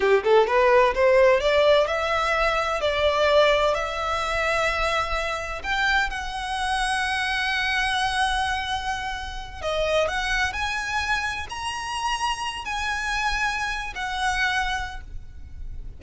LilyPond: \new Staff \with { instrumentName = "violin" } { \time 4/4 \tempo 4 = 128 g'8 a'8 b'4 c''4 d''4 | e''2 d''2 | e''1 | g''4 fis''2.~ |
fis''1~ | fis''8 dis''4 fis''4 gis''4.~ | gis''8 ais''2~ ais''8 gis''4~ | gis''4.~ gis''16 fis''2~ fis''16 | }